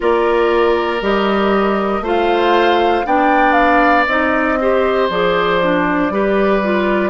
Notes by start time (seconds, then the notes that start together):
0.00 A#3 F4 A#4 D5
1.01 G3 G4 D#5
2.00 A3 F4 C5
2.07 F5
3.05 B3 D4 D5 G5
3.53 F5
4.07 C4 D#4 D#5
4.60 G4 C5
5.09 F3 G#4 D5
5.61 D4
6.10 G3 G4 B4
6.63 F4